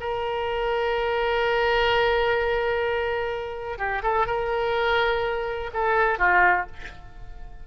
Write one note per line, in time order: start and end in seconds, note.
0.00 3.78 A#4
3.78 4.02 G4
4.03 4.26 A4
4.26 5.70 A#4
5.73 6.19 A4
6.19 6.67 F4